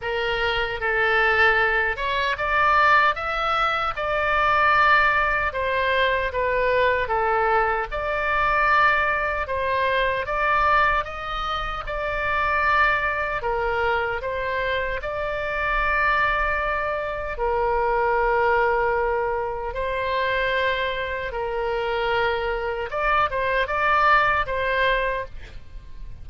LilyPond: \new Staff \with { instrumentName = "oboe" } { \time 4/4 \tempo 4 = 76 ais'4 a'4. cis''8 d''4 | e''4 d''2 c''4 | b'4 a'4 d''2 | c''4 d''4 dis''4 d''4~ |
d''4 ais'4 c''4 d''4~ | d''2 ais'2~ | ais'4 c''2 ais'4~ | ais'4 d''8 c''8 d''4 c''4 | }